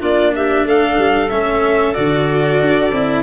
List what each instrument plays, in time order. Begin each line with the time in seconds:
0.00 tuba A#3, cello D4, clarinet F4, violin D5
0.35 clarinet G4, violin E5
0.65 tuba A3, clarinet A4, violin F5
0.99 tuba G3
1.30 tuba A3, cello C#4, violin E5
1.94 tuba D3, cello F#4, violin D5
2.61 tuba D4
2.93 tuba C4, cello E4